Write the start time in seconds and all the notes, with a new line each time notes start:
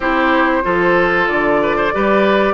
0.00 C4 E4 G4 C5
0.62 F3 F4 A4
1.28 D3 D5
1.62 B4
1.76 C5
1.92 G3 G4 B4